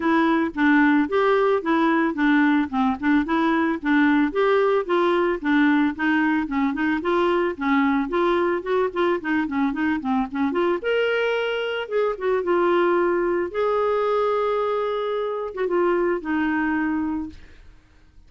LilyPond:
\new Staff \with { instrumentName = "clarinet" } { \time 4/4 \tempo 4 = 111 e'4 d'4 g'4 e'4 | d'4 c'8 d'8 e'4 d'4 | g'4 f'4 d'4 dis'4 | cis'8 dis'8 f'4 cis'4 f'4 |
fis'8 f'8 dis'8 cis'8 dis'8 c'8 cis'8 f'8 | ais'2 gis'8 fis'8 f'4~ | f'4 gis'2.~ | gis'8. fis'16 f'4 dis'2 | }